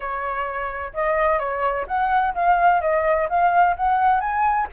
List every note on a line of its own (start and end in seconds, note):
0.00 0.92 C#5
0.93 1.39 D#5
1.39 1.86 C#5
1.87 2.34 F#5
2.34 2.81 F5
2.81 3.27 D#5
3.29 3.75 F5
3.76 4.20 F#5
4.20 4.67 G#5